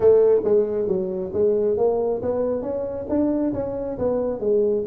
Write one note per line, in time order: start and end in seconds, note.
0.00 0.41 A3
0.44 0.87 G#3
0.87 1.31 F#3
1.33 1.77 G#3
1.77 2.21 A#3
2.21 2.61 B3
2.61 3.06 C#4
3.09 3.53 D4
3.53 3.97 C#4
3.98 4.39 B3
4.39 4.83 G#3